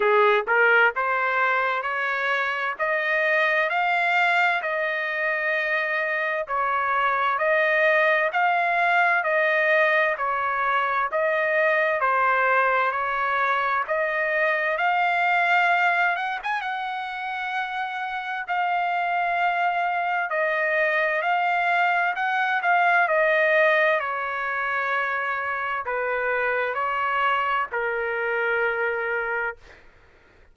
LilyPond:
\new Staff \with { instrumentName = "trumpet" } { \time 4/4 \tempo 4 = 65 gis'8 ais'8 c''4 cis''4 dis''4 | f''4 dis''2 cis''4 | dis''4 f''4 dis''4 cis''4 | dis''4 c''4 cis''4 dis''4 |
f''4. fis''16 gis''16 fis''2 | f''2 dis''4 f''4 | fis''8 f''8 dis''4 cis''2 | b'4 cis''4 ais'2 | }